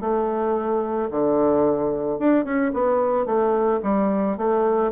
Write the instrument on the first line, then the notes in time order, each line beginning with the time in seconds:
bassoon
0.00 A3
1.11 D3
2.19 D4
2.44 C#4
2.73 B3
3.25 A3
3.82 G3
4.37 A3